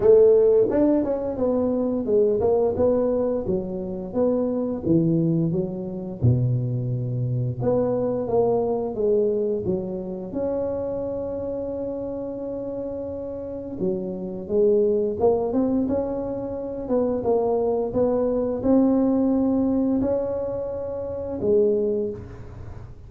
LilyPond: \new Staff \with { instrumentName = "tuba" } { \time 4/4 \tempo 4 = 87 a4 d'8 cis'8 b4 gis8 ais8 | b4 fis4 b4 e4 | fis4 b,2 b4 | ais4 gis4 fis4 cis'4~ |
cis'1 | fis4 gis4 ais8 c'8 cis'4~ | cis'8 b8 ais4 b4 c'4~ | c'4 cis'2 gis4 | }